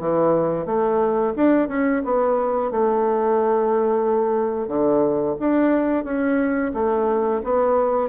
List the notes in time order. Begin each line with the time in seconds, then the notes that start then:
0.00 E3
0.66 A3
1.36 D4
1.69 C#4
2.05 B3
2.71 A3
4.68 D3
5.40 D4
6.05 C#4
6.74 A3
7.44 B3